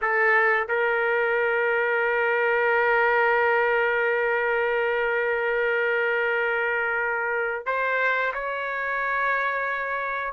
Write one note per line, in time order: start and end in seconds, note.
0.01 0.68 A4
0.68 7.66 A#4
7.66 8.32 C5
8.33 10.33 C#5